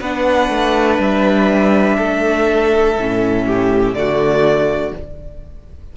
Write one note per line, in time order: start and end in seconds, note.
0.00 0.49 B3
0.00 2.97 D4
0.00 1.97 B4
0.00 0.99 F#5
0.49 0.98 A3
0.98 1.97 G3
0.98 3.94 E5
1.98 2.96 A3
1.98 3.45 A4
2.97 3.93 A2
2.97 3.95 C#4
3.46 3.95 G4
3.93 4.91 D3
3.93 4.94 A3
3.93 4.96 F#4
3.93 4.92 D5